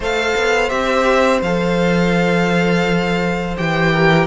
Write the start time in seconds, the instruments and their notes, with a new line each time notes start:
0.00 cello A3, viola A4, violin C5 F5
0.35 cello B3
0.69 cello C4, viola G4, violin E5
1.42 cello F3, viola A4, violin F5
3.57 cello E3, viola G4, violin G5
3.92 violin A#4